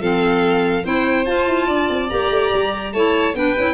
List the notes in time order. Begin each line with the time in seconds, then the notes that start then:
0.00 F3 C4 A4 F5
0.83 C4 E4 C5 G5
1.25 F4 A5
1.47 E4
1.66 D4 D5
1.89 C4
2.09 A#3 G4 A#5
2.30 A3
2.54 G3
2.92 A3 E4 C#5 A5
3.34 B3 D4 B4 G5
3.57 C#4 E4